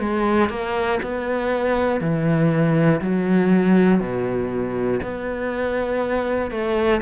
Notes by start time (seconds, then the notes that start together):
0.00 G#3
0.50 A#3
1.02 B3
2.01 E3
3.01 F#3
4.00 B2
5.02 B3
6.51 A3